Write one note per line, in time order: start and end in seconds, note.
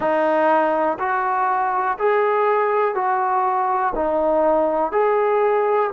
0.00 0.97 D#4
0.99 1.97 F#4
1.98 2.95 G#4
2.95 3.93 F#4
3.95 4.92 D#4
4.92 5.90 G#4